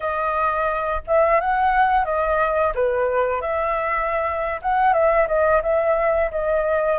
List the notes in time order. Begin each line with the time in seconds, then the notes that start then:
0.00 D#5
1.07 E5
1.40 F#5
2.05 D#5
2.75 B4
3.41 E5
4.62 F#5
4.93 E5
5.27 D#5
5.62 E5
6.31 D#5